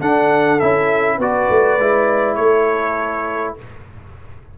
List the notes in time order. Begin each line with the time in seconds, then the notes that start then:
0.00 D4 A4 F#5
0.60 C#4 E4 E5
1.17 B3 F#4 B4 D5
1.50 A3
1.78 G#3 E4
2.35 A3 A4 C#5